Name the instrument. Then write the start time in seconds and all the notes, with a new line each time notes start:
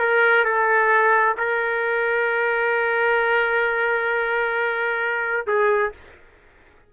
trumpet
0.00 A#4
0.45 A4
1.38 A#4
5.48 G#4